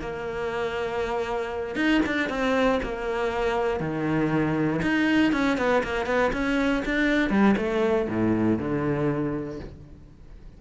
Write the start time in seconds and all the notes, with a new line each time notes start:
0.00 A#3
1.76 D#4
2.06 D4
2.29 C4
2.82 A#3
3.80 D#3
4.82 D#4
5.32 C#4
5.58 B3
5.83 A#3
6.06 B3
6.33 C#4
6.85 D4
7.30 G3
7.57 A3
8.09 A2
8.59 D3